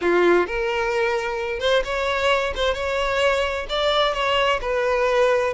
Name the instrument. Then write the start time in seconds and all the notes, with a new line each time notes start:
violin
0.01 F4
0.46 A#4
1.59 C5
1.84 C#5
2.55 C5
2.74 C#5
3.69 D5
4.13 C#5
4.61 B4